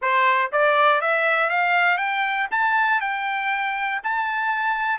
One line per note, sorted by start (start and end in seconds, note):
0.01 0.51 C5
0.52 1.01 D5
1.01 1.49 E5
1.49 1.97 F5
1.97 2.47 G5
2.51 3.00 A5
3.00 4.00 G5
4.03 4.98 A5